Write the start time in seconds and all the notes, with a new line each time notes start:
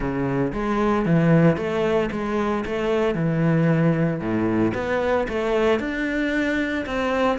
0.00 C#3
0.53 G#3
1.05 E3
1.56 A3
2.11 G#3
2.65 A3
3.14 E3
4.20 A2
4.74 B3
5.28 A3
5.79 D4
6.85 C4